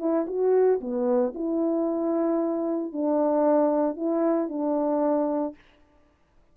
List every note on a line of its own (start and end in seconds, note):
0.00 0.27 E4
0.28 0.81 F#4
0.81 1.34 B3
1.35 2.93 E4
2.93 3.97 D4
3.97 4.49 E4
4.49 5.55 D4